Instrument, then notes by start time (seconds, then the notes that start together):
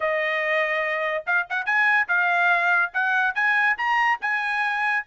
trumpet
0.00 D#5
1.26 F5
1.49 F#5
1.65 G#5
2.08 F5
2.93 F#5
3.34 G#5
3.77 A#5
4.21 G#5